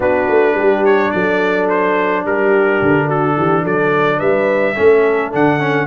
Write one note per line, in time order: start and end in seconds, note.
0.00 0.28 B3
0.00 4.75 D4
0.00 0.55 F#4
0.00 0.85 B4
0.28 0.54 A3
0.54 1.10 G3
0.54 1.12 G4
0.85 1.11 C#5
1.11 2.25 F#3
1.11 2.25 A4
1.11 1.67 D5
1.69 2.25 C5
2.25 2.81 G3
2.25 3.06 G4
2.25 3.09 A#4
2.81 3.36 D3
3.06 3.34 F#4
3.06 3.65 A4
3.36 3.64 E3
3.36 3.62 G4
3.62 4.20 F#3
3.62 4.18 A4
3.62 4.19 D5
4.18 4.77 G3
4.18 4.74 B4
4.18 5.31 E5
4.74 5.34 A3
4.74 5.31 C#4
4.74 5.86 A4
5.31 5.87 D3
5.31 5.59 D4
5.31 5.87 F#5
5.59 5.87 C#4